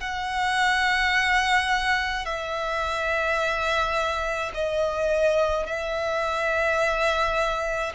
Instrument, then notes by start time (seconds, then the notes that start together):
violin
0.00 F#5
2.25 E5
4.54 D#5
5.66 E5